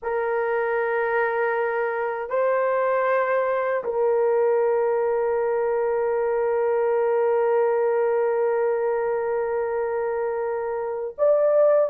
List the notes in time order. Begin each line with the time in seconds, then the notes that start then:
0.02 A#4
2.29 C5
3.84 A#4
11.17 D5